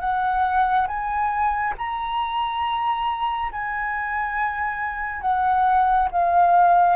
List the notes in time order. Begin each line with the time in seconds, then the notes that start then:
0.00 F#5
0.87 G#5
1.78 A#5
3.52 G#5
5.22 F#5
6.11 F5